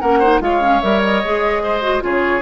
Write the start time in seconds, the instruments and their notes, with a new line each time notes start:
0.00 bassoon A#3, clarinet C#4, oboe A#4, flute F#5
0.19 clarinet D#4, oboe C5
0.40 bassoon G#3, clarinet F4, oboe C#5, flute F5
0.61 clarinet C#4
0.81 bassoon G3, clarinet A#4, flute E5
1.03 flute D#5
1.24 bassoon G#3, clarinet G#4
1.63 oboe C5
1.81 clarinet F#4
2.00 bassoon C#3, clarinet F4, oboe G#4, flute C#5